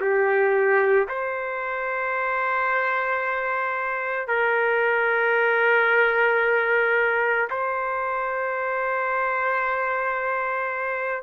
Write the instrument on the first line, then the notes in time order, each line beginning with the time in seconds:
trumpet
0.00 G4
1.08 C5
4.28 A#4
7.50 C5